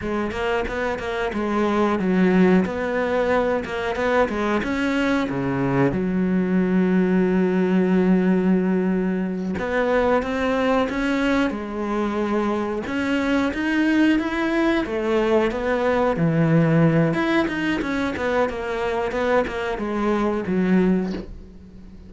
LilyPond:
\new Staff \with { instrumentName = "cello" } { \time 4/4 \tempo 4 = 91 gis8 ais8 b8 ais8 gis4 fis4 | b4. ais8 b8 gis8 cis'4 | cis4 fis2.~ | fis2~ fis8 b4 c'8~ |
c'8 cis'4 gis2 cis'8~ | cis'8 dis'4 e'4 a4 b8~ | b8 e4. e'8 dis'8 cis'8 b8 | ais4 b8 ais8 gis4 fis4 | }